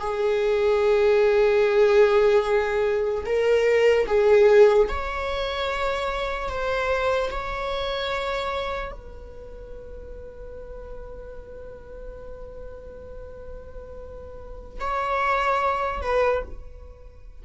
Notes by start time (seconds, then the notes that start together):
0.00 G#4
3.25 A#4
4.07 G#4
4.88 C#5
6.49 C5
7.31 C#5
8.92 B4
14.80 C#5
16.02 B4